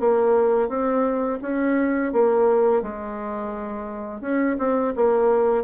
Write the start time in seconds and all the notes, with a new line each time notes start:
0.00 A#3
0.69 C4
1.42 C#4
2.13 A#3
2.82 G#3
4.21 C#4
4.59 C4
4.96 A#3